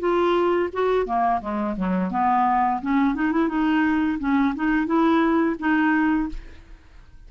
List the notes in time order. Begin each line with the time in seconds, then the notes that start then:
0.00 F4
0.74 F#4
1.06 A#3
1.41 G#3
1.77 F#3
2.12 B3
2.82 C#4
3.16 D#4
3.33 E4
3.49 D#4
4.20 C#4
4.56 D#4
4.87 E4
5.60 D#4